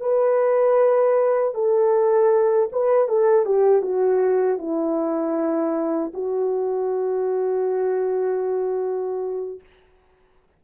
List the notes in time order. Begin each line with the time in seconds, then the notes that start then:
0.00 B4
1.54 A4
2.72 B4
3.08 A4
3.45 G4
3.82 F#4
4.58 E4
6.14 F#4